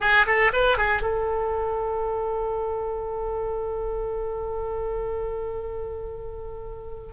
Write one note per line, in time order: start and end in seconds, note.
0.00 0.26 G#4
0.26 0.51 A4
0.52 0.77 B4
0.77 1.02 G#4
1.02 7.12 A4